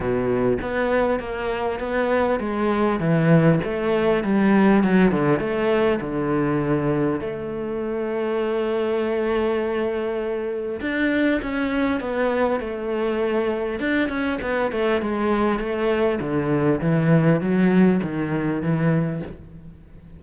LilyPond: \new Staff \with { instrumentName = "cello" } { \time 4/4 \tempo 4 = 100 b,4 b4 ais4 b4 | gis4 e4 a4 g4 | fis8 d8 a4 d2 | a1~ |
a2 d'4 cis'4 | b4 a2 d'8 cis'8 | b8 a8 gis4 a4 d4 | e4 fis4 dis4 e4 | }